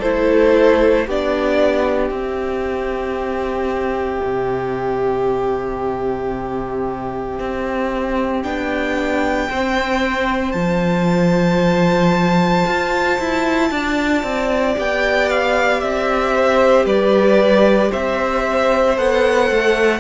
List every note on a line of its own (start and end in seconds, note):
0.00 1.08 A3
0.00 1.09 E4
0.00 1.05 A4
0.00 1.07 C5
1.07 2.11 B3
1.07 2.14 D4
1.07 9.49 G4
1.07 2.12 D5
2.11 4.21 C4
2.11 8.44 C4
2.11 8.43 E5
4.24 7.39 C3
7.39 8.45 C4
8.43 9.50 B3
8.43 9.49 D4
8.43 10.52 G5
9.49 10.54 C4
9.49 10.56 C4
9.49 13.70 C5
10.52 12.65 F3
10.52 14.75 F4
10.52 14.73 A5
12.66 13.19 F4
13.20 13.71 E4
13.71 14.23 D4
13.71 16.35 D5
14.23 14.76 C4
14.75 15.83 B3
14.75 18.96 G4
14.75 15.30 G5
15.30 15.81 F5
15.81 16.86 C4
15.81 16.86 E5
16.36 16.86 C5
16.86 17.91 G3
16.86 17.91 B4
16.86 17.92 D5
17.91 18.98 C4
17.91 20.00 C5
17.91 18.98 E5
18.97 19.51 B3
18.97 20.00 A4
18.97 20.00 F#5
19.51 20.00 A3